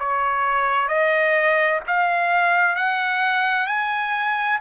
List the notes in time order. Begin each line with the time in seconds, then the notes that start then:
0.00 C#5
0.89 D#5
1.87 F5
2.77 F#5
3.67 G#5